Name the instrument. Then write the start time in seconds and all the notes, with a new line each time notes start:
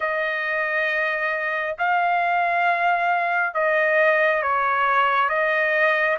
trumpet
0.00 D#5
1.78 F5
3.54 D#5
4.42 C#5
5.29 D#5